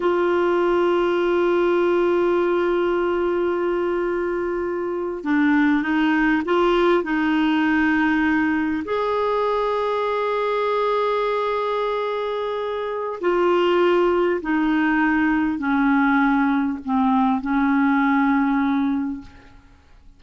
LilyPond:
\new Staff \with { instrumentName = "clarinet" } { \time 4/4 \tempo 4 = 100 f'1~ | f'1~ | f'8. d'4 dis'4 f'4 dis'16~ | dis'2~ dis'8. gis'4~ gis'16~ |
gis'1~ | gis'2 f'2 | dis'2 cis'2 | c'4 cis'2. | }